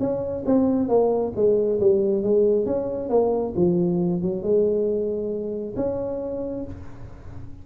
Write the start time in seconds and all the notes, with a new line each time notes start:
0.00 C#4
0.46 C4
0.89 A#3
1.36 G#3
1.80 G3
2.23 G#3
2.66 C#4
3.10 A#3
3.56 F3
4.22 F#3
4.43 G#3
5.76 C#4